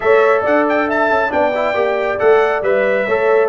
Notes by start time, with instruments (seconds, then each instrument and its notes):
0.00 tuba A3, trombone A4, horn C#5, trumpet E5
0.41 tuba D4, horn D5, trumpet F#5
0.68 trumpet G5
0.87 horn E5, trumpet A5
1.10 tuba C#4
1.29 tuba B3, trombone D4, horn D5, trumpet G5
1.54 trombone E4
1.74 tuba A#3, trombone G4
2.18 tuba A3, trombone A4, trumpet F#5
2.61 tuba G3, trombone B4, trumpet E5
3.06 tuba A3, trombone A4, horn C#5